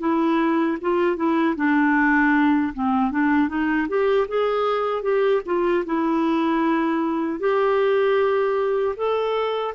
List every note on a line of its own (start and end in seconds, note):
0.00 0.78 E4
0.81 1.17 F4
1.17 1.56 E4
1.56 2.73 D4
2.74 3.12 C4
3.12 3.49 D4
3.49 3.88 D#4
3.89 4.28 G4
4.29 5.03 G#4
5.03 5.42 G4
5.46 5.85 F4
5.86 7.40 E4
7.40 8.96 G4
8.97 9.75 A4